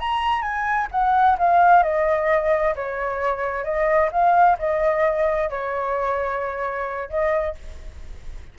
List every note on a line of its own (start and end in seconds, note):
0.00 0.42 A#5
0.42 0.88 G#5
0.91 1.37 F#5
1.38 1.83 F5
1.83 2.75 D#5
2.76 3.64 C#5
3.64 4.10 D#5
4.12 4.58 F5
4.59 5.50 D#5
5.50 7.10 C#5
7.10 7.55 D#5